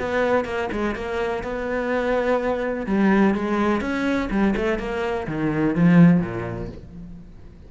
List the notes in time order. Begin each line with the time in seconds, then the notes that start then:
0.00 B3
0.45 A#3
0.73 G#3
0.96 A#3
1.44 B3
2.87 G3
3.35 G#3
3.81 C#4
4.31 G3
4.57 A3
4.79 A#3
5.28 D#3
5.76 F3
6.21 A#2